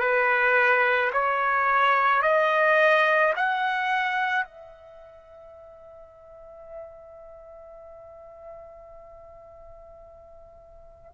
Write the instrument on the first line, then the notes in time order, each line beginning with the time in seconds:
trumpet
0.00 B4
1.13 C#5
2.22 D#5
3.36 F#5
4.44 E5